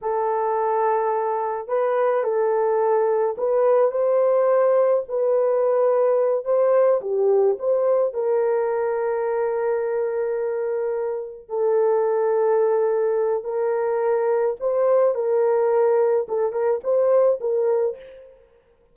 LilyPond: \new Staff \with { instrumentName = "horn" } { \time 4/4 \tempo 4 = 107 a'2. b'4 | a'2 b'4 c''4~ | c''4 b'2~ b'8 c''8~ | c''8 g'4 c''4 ais'4.~ |
ais'1~ | ais'8 a'2.~ a'8 | ais'2 c''4 ais'4~ | ais'4 a'8 ais'8 c''4 ais'4 | }